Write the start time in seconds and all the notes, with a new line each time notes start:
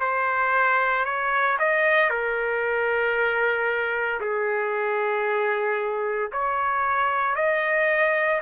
0.00 C5
1.05 C#5
1.59 D#5
2.10 A#4
4.21 G#4
6.32 C#5
7.35 D#5